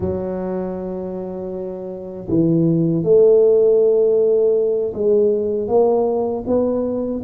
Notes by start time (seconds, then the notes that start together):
0.00 F#3
2.28 E3
3.03 A3
4.94 G#3
5.68 A#3
6.46 B3